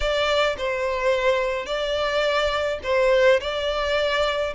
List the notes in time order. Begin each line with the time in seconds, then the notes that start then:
0.00 D5
0.57 C5
1.66 D5
2.83 C5
3.40 D5